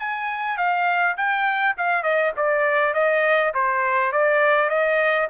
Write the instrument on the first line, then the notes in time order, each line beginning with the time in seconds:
trumpet
0.00 G#5
0.58 F5
1.18 G5
1.78 F5
2.03 D#5
2.37 D5
2.94 D#5
3.55 C5
4.13 D5
4.70 D#5